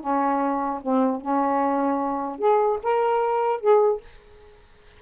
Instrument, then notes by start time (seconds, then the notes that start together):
saxophone
0.00 C#4
0.82 C4
1.21 C#4
2.38 G#4
2.83 A#4
3.60 G#4